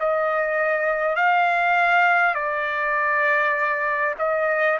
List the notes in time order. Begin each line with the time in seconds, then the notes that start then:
0.00 D#5
1.16 F5
2.35 D5
4.18 D#5